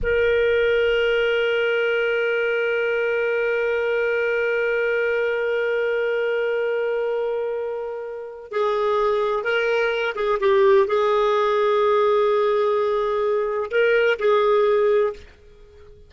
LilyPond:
\new Staff \with { instrumentName = "clarinet" } { \time 4/4 \tempo 4 = 127 ais'1~ | ais'1~ | ais'1~ | ais'1~ |
ais'2 gis'2 | ais'4. gis'8 g'4 gis'4~ | gis'1~ | gis'4 ais'4 gis'2 | }